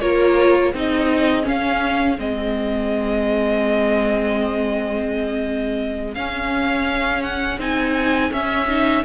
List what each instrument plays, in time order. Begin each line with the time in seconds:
0.00 cello A#3, viola F4, violin A#4 C#5
0.69 cello C4, viola D#4, violin G#4
0.76 violin D#5
1.42 viola C#4, cello C#4, violin F5
2.18 cello G#3, viola C4, violin D#5
6.14 cello C#4, viola C#4, violin F5
7.22 violin F#5
7.58 cello C4, viola D#4, violin G#5
8.31 viola C#4, cello C#4, violin E5
8.68 viola D#4